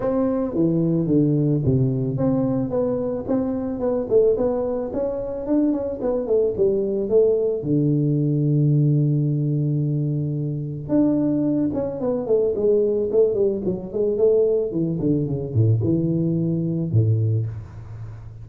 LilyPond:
\new Staff \with { instrumentName = "tuba" } { \time 4/4 \tempo 4 = 110 c'4 e4 d4 c4 | c'4 b4 c'4 b8 a8 | b4 cis'4 d'8 cis'8 b8 a8 | g4 a4 d2~ |
d1 | d'4. cis'8 b8 a8 gis4 | a8 g8 fis8 gis8 a4 e8 d8 | cis8 a,8 e2 a,4 | }